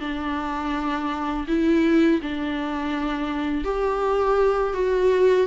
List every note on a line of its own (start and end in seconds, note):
0.00 1.46 D4
1.48 2.21 E4
2.22 3.65 D4
3.65 4.74 G4
4.74 5.47 F#4